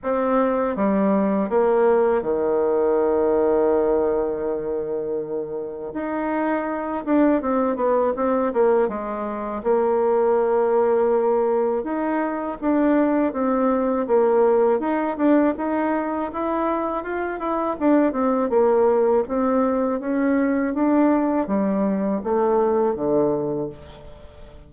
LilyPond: \new Staff \with { instrumentName = "bassoon" } { \time 4/4 \tempo 4 = 81 c'4 g4 ais4 dis4~ | dis1 | dis'4. d'8 c'8 b8 c'8 ais8 | gis4 ais2. |
dis'4 d'4 c'4 ais4 | dis'8 d'8 dis'4 e'4 f'8 e'8 | d'8 c'8 ais4 c'4 cis'4 | d'4 g4 a4 d4 | }